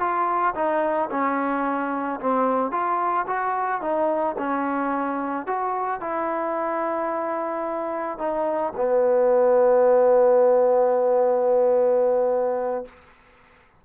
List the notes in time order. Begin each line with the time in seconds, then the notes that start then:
0.00 F4
0.55 D#4
1.11 C#4
2.20 C4
2.71 F4
3.27 F#4
3.82 D#4
4.38 C#4
5.47 F#4
6.01 E4
8.18 D#4
8.76 B3